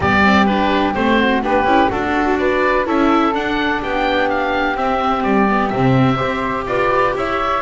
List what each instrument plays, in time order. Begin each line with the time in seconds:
0.00 double bass G3, viola B3, flute G4, oboe D5
0.23 viola C4
0.45 viola D4, oboe B4
0.94 double bass A3, viola C4, oboe C5
1.18 flute F#4
1.42 double bass B3, viola D4, flute G4, oboe B4
1.64 double bass C#4, viola E4
1.89 double bass D4, flute F#4, viola F#4, oboe A4
2.38 flute B4, oboe D5
2.85 double bass C#4, viola E4, flute A4, oboe E5
3.34 double bass D4, viola D4, oboe F#5
3.81 double bass B3, flute G4, oboe G5
4.29 oboe F5
4.75 viola C4, double bass C4, oboe E5
5.23 double bass G3, oboe D5
5.48 viola B3
5.69 double bass C3, viola C4, oboe E5
6.15 double bass C4, viola G4, flute C5
6.66 double bass F4, flute B4, oboe D5
7.15 double bass E4, flute C#5, oboe E5